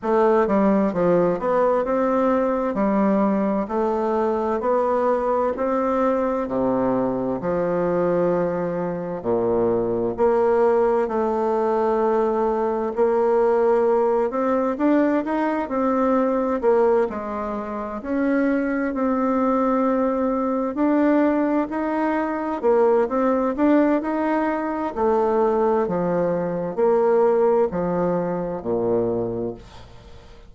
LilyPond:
\new Staff \with { instrumentName = "bassoon" } { \time 4/4 \tempo 4 = 65 a8 g8 f8 b8 c'4 g4 | a4 b4 c'4 c4 | f2 ais,4 ais4 | a2 ais4. c'8 |
d'8 dis'8 c'4 ais8 gis4 cis'8~ | cis'8 c'2 d'4 dis'8~ | dis'8 ais8 c'8 d'8 dis'4 a4 | f4 ais4 f4 ais,4 | }